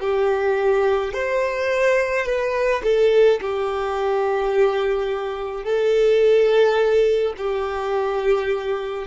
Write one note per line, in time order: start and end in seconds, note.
0.00 1.13 G4
1.13 2.26 C5
2.26 2.83 B4
2.84 3.40 A4
3.41 5.64 G4
5.64 7.34 A4
7.38 9.07 G4